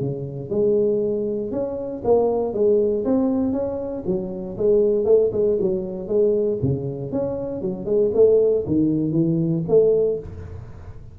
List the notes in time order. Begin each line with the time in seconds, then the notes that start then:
0.00 C#3
0.50 G#3
1.51 C#4
2.04 A#3
2.53 G#3
3.04 C4
3.52 C#4
4.06 F#3
4.57 G#3
5.05 A3
5.32 G#3
5.60 F#3
6.08 G#3
6.62 C#3
7.11 C#4
7.61 F#3
7.85 G#3
8.14 A3
8.66 D#3
9.12 E3
9.68 A3